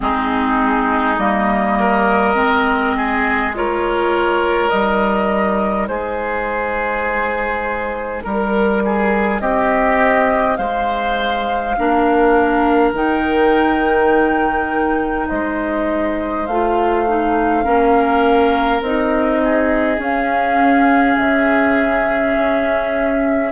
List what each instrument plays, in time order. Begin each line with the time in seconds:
0.00 bassoon G#3, clarinet C4, oboe D#4, flute G#4
1.18 bassoon G3, clarinet A#3, flute D#5
1.79 oboe A#4
2.35 bassoon G#3, clarinet C4
2.97 oboe G#4
3.54 clarinet F4, oboe A#4, flute C#5
4.69 bassoon G3, clarinet D#4, flute D#5
5.87 bassoon G#3, oboe G#4, flute C5
8.23 bassoon G3, oboe A#4, flute A#4
8.84 oboe G#4
9.39 bassoon C4, oboe G4, flute D#5
10.56 bassoon G#3, oboe C5, flute F5
11.77 bassoon A#3, clarinet D4, oboe A#4
12.92 bassoon D#3, clarinet D#4, flute G5
15.28 bassoon G#3, oboe C5, flute D#5
16.46 bassoon A3, clarinet F4, flute F5
17.07 clarinet D#4
17.63 bassoon A#3, clarinet C#4, oboe A#4
18.81 bassoon C4, clarinet D#4, flute D#5
19.44 oboe G#4
19.98 bassoon C#4, clarinet C#4, flute F5
21.16 bassoon C#3, flute E5
22.36 bassoon C#4